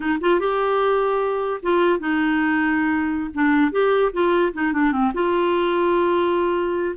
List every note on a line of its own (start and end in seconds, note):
0.00 0.18 D#4
0.20 0.40 F4
0.40 1.60 G4
1.62 1.99 F4
1.99 3.30 D#4
3.34 3.71 D4
3.71 4.12 G4
4.12 4.53 F4
4.53 4.72 D#4
4.72 4.91 D4
4.91 5.12 C4
5.13 6.95 F4